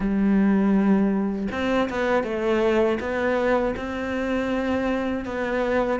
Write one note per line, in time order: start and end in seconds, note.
0.00 1.48 G3
1.51 1.89 C4
1.89 2.23 B3
2.23 2.98 A3
3.00 3.75 B3
3.76 5.25 C4
5.25 6.00 B3